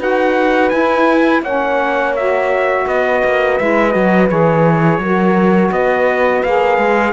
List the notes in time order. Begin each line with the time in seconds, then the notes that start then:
0.00 D#4 F#4 B4 F#5
0.70 E4 G#5
1.43 A#3 C#4 C#5 F#5
2.16 F#4 E5
2.87 B3 B4 D#5
3.25 A#3
3.58 G#3 E4 E5
3.91 F#3 F#4 D#5
4.30 E3 G#4 C#5
4.99 F#3 F#4 A#4
5.72 B3 B4 D#5
6.44 A#3 G#4 F5
6.78 G#3